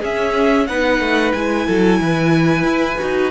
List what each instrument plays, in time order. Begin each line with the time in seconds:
0.00 cello C#4, viola C#4, violin G#4 E5
0.67 cello B3, viola D#4, violin B4 F#5
1.00 cello A3
1.32 cello G#3, viola E4, violin G#5
1.67 cello F#3, violin A4
2.00 cello E3, violin B4
2.64 cello E4
2.99 cello D#4, viola F#4